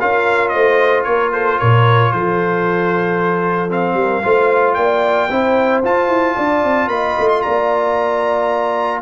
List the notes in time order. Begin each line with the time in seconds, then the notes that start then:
0.00 C#4 F4 A#4 F5
0.49 A3 C5 D#5
1.04 A#3 A#4 C#5
1.32 A4 C5
1.59 A#2 A#4 C#5
2.12 F3 A4 C5
3.69 C4 F5
3.94 G3 A#4
4.23 A3 F4 C5
4.74 A#3 D5 G5
5.30 C4 E4 C5
5.84 F4 A5
6.09 E4
6.36 D4 D5
6.64 C4
6.88 A#3 D#5 B5
7.18 A3
7.29 C6
7.42 A#3 D5 A#5